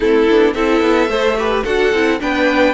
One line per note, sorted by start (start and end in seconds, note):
0.00 0.29 A3
0.00 0.28 C4
0.00 0.54 E4
0.00 0.53 A4
0.30 0.55 B3
0.30 0.56 D4
0.53 0.81 C4
0.53 1.09 E4
0.53 1.09 A4
0.53 1.63 E5
0.81 1.07 B3
1.07 1.62 A3
1.07 1.36 A4
1.07 1.37 C5
1.38 1.65 G4
1.38 1.63 B4
1.63 1.92 D4
1.63 1.93 F#4
1.63 2.18 A4
1.63 2.19 F#5
1.92 2.20 C4
1.92 2.19 E4
2.19 2.74 B3
2.19 2.74 D4
2.19 2.74 B4
2.19 2.74 G5